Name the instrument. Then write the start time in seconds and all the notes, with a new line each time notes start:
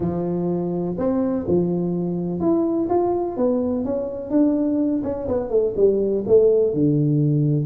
tuba
0.00 F3
0.98 C4
1.47 F3
2.40 E4
2.89 F4
3.36 B3
3.84 C#4
4.30 D4
5.03 C#4
5.28 B3
5.50 A3
5.76 G3
6.26 A3
6.73 D3